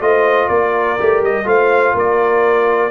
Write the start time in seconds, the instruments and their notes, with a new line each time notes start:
0.00 tuba A3, trombone F4, horn C5, trumpet D#5
0.48 tuba A#3, horn A#4, trumpet D5
0.99 tuba A3, trombone G4
1.22 tuba G3, trumpet D#5
1.44 tuba A3, trombone F4, horn C5, trumpet F5
1.94 tuba A#3, horn A#4, trumpet D5